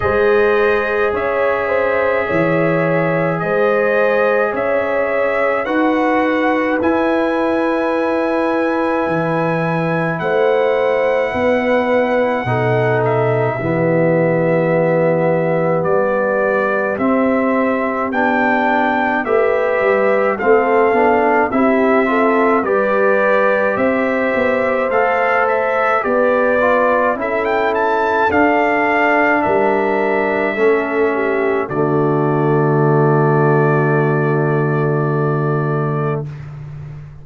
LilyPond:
<<
  \new Staff \with { instrumentName = "trumpet" } { \time 4/4 \tempo 4 = 53 dis''4 e''2 dis''4 | e''4 fis''4 gis''2~ | gis''4 fis''2~ fis''8 e''8~ | e''2 d''4 e''4 |
g''4 e''4 f''4 e''4 | d''4 e''4 f''8 e''8 d''4 | e''16 g''16 a''8 f''4 e''2 | d''1 | }
  \new Staff \with { instrumentName = "horn" } { \time 4/4 c''4 cis''8 c''8 cis''4 c''4 | cis''4 b'2.~ | b'4 c''4 b'4 a'4 | g'1~ |
g'4 b'4 a'4 g'8 a'8 | b'4 c''2 b'4 | a'2 ais'4 a'8 g'8 | fis'1 | }
  \new Staff \with { instrumentName = "trombone" } { \time 4/4 gis'1~ | gis'4 fis'4 e'2~ | e'2. dis'4 | b2. c'4 |
d'4 g'4 c'8 d'8 e'8 f'8 | g'2 a'4 g'8 f'8 | e'4 d'2 cis'4 | a1 | }
  \new Staff \with { instrumentName = "tuba" } { \time 4/4 gis4 cis'4 e4 gis4 | cis'4 dis'4 e'2 | e4 a4 b4 b,4 | e2 g4 c'4 |
b4 a8 g8 a8 b8 c'4 | g4 c'8 b8 a4 b4 | cis'4 d'4 g4 a4 | d1 | }
>>